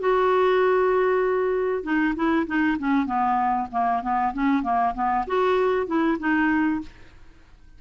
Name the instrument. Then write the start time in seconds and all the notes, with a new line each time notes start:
clarinet
0.00 F#4
1.84 D#4
2.16 E4
2.47 D#4
2.79 C#4
3.06 B3
3.72 A#3
4.03 B3
4.34 C#4
4.63 A#3
4.95 B3
5.27 F#4
5.87 E4
6.20 D#4